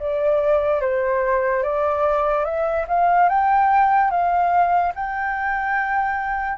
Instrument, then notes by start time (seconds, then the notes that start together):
flute
0.00 D5
0.81 C5
1.63 D5
2.45 E5
2.88 F5
3.30 G5
4.11 F5
4.95 G5